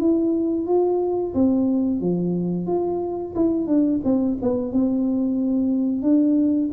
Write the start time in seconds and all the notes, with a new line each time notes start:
0.00 E4
0.67 F4
1.35 C4
2.01 F3
2.67 F4
3.36 E4
3.67 D4
4.04 C4
4.42 B3
4.73 C4
6.03 D4